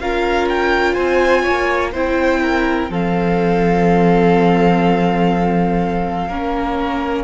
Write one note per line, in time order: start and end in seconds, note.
0.00 0.97 C#4
0.00 1.94 F4
0.00 0.94 A#4
0.00 0.48 F5
0.49 0.95 G5
0.94 1.46 C4
0.94 1.43 C5
0.94 1.92 G#5
1.43 1.95 A#3
1.43 1.91 C#5
1.92 2.90 C4
1.92 2.91 E4
1.92 2.40 C5
1.92 2.93 G5
2.42 2.91 A#4
2.90 6.28 F3
2.90 6.29 C4
2.90 6.29 A4
2.90 7.24 F5
6.28 7.24 A#3
6.28 7.24 C#4
6.28 7.24 A#4